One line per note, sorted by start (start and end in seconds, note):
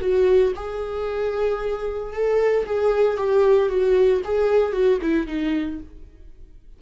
0.00 0.53 F#4
0.56 2.13 G#4
2.13 2.66 A4
2.66 3.17 G#4
3.17 3.69 G4
3.69 4.22 F#4
4.24 4.72 G#4
4.72 4.99 F#4
5.02 5.27 E4
5.27 5.80 D#4